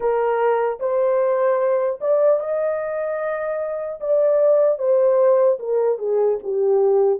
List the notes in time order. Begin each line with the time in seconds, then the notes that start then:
0.00 A#4
0.79 C5
2.00 D5
2.40 D#5
4.00 D5
4.78 C5
5.59 A#4
5.98 G#4
6.43 G4